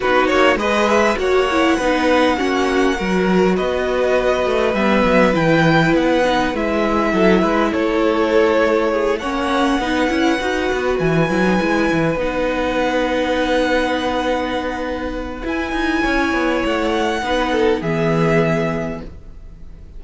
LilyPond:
<<
  \new Staff \with { instrumentName = "violin" } { \time 4/4 \tempo 4 = 101 b'8 cis''8 dis''8 e''8 fis''2~ | fis''2 dis''2 | e''4 g''4 fis''4 e''4~ | e''4 cis''2~ cis''8 fis''8~ |
fis''2~ fis''8 gis''4.~ | gis''8 fis''2.~ fis''8~ | fis''2 gis''2 | fis''2 e''2 | }
  \new Staff \with { instrumentName = "violin" } { \time 4/4 fis'4 b'4 cis''4 b'4 | fis'4 ais'4 b'2~ | b'1 | a'8 b'8 a'2 gis'8 cis''8~ |
cis''8 b'2.~ b'8~ | b'1~ | b'2. cis''4~ | cis''4 b'8 a'8 gis'2 | }
  \new Staff \with { instrumentName = "viola" } { \time 4/4 dis'4 gis'4 fis'8 e'8 dis'4 | cis'4 fis'2. | b4 e'4. dis'8 e'4~ | e'2.~ e'8 cis'8~ |
cis'8 dis'8 e'8 fis'4. e'16 dis'16 e'8~ | e'8 dis'2.~ dis'8~ | dis'2 e'2~ | e'4 dis'4 b2 | }
  \new Staff \with { instrumentName = "cello" } { \time 4/4 b8 ais8 gis4 ais4 b4 | ais4 fis4 b4. a8 | g8 fis8 e4 b4 gis4 | fis8 gis8 a2~ a8 ais8~ |
ais8 b8 cis'8 dis'8 b8 e8 fis8 gis8 | e8 b2.~ b8~ | b2 e'8 dis'8 cis'8 b8 | a4 b4 e2 | }
>>